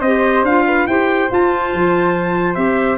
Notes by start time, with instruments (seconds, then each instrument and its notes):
0.00 tuba C4, clarinet G4, flute C5, trumpet D#5
0.43 tuba D4, clarinet F4, trumpet F5
0.66 flute B4
0.87 tuba E4, clarinet G4, flute C5, trumpet G5
1.29 clarinet F4, tuba F4, trumpet A5
1.74 tuba F3
2.55 tuba C4, clarinet G4, trumpet E5